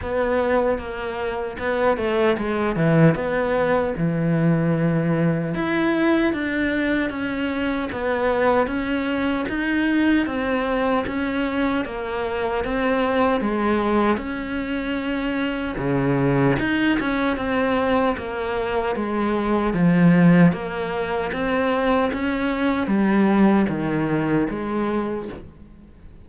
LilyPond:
\new Staff \with { instrumentName = "cello" } { \time 4/4 \tempo 4 = 76 b4 ais4 b8 a8 gis8 e8 | b4 e2 e'4 | d'4 cis'4 b4 cis'4 | dis'4 c'4 cis'4 ais4 |
c'4 gis4 cis'2 | cis4 dis'8 cis'8 c'4 ais4 | gis4 f4 ais4 c'4 | cis'4 g4 dis4 gis4 | }